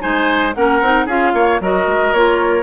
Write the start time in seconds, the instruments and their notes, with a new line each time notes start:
0.00 bassoon G#3, clarinet D#4, oboe C5, flute G#5
0.54 bassoon A#3, clarinet C#4, oboe A#4, flute F#5
0.81 bassoon C4, clarinet D#4
1.06 bassoon C#4, clarinet F4, oboe G#4, flute F5
1.33 bassoon A#3, oboe C#5
1.60 bassoon F#3, clarinet F#4, oboe A#4, flute D#5
1.86 bassoon G#3
2.13 bassoon A#3, clarinet F4, flute C#5